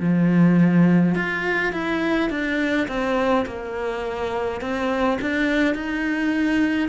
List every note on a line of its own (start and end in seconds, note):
0.00 1.15 F3
1.15 1.73 F4
1.73 2.30 E4
2.30 2.87 D4
2.88 3.46 C4
3.46 4.61 A#3
4.61 5.19 C4
5.21 5.74 D4
5.74 6.89 D#4